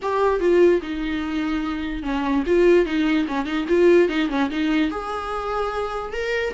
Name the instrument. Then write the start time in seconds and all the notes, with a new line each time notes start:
viola
0.01 G4
0.40 F4
0.81 D#4
2.02 C#4
2.46 F4
2.85 D#4
3.27 C#4
3.45 D#4
3.68 F4
4.09 D#4
4.29 C#4
4.50 D#4
4.90 G#4
6.12 A#4